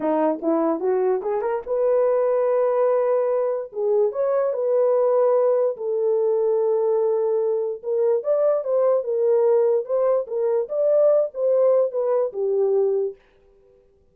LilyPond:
\new Staff \with { instrumentName = "horn" } { \time 4/4 \tempo 4 = 146 dis'4 e'4 fis'4 gis'8 ais'8 | b'1~ | b'4 gis'4 cis''4 b'4~ | b'2 a'2~ |
a'2. ais'4 | d''4 c''4 ais'2 | c''4 ais'4 d''4. c''8~ | c''4 b'4 g'2 | }